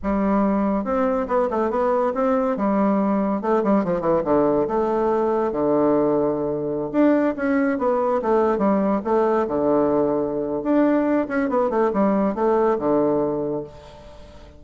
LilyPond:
\new Staff \with { instrumentName = "bassoon" } { \time 4/4 \tempo 4 = 141 g2 c'4 b8 a8 | b4 c'4 g2 | a8 g8 f8 e8 d4 a4~ | a4 d2.~ |
d16 d'4 cis'4 b4 a8.~ | a16 g4 a4 d4.~ d16~ | d4 d'4. cis'8 b8 a8 | g4 a4 d2 | }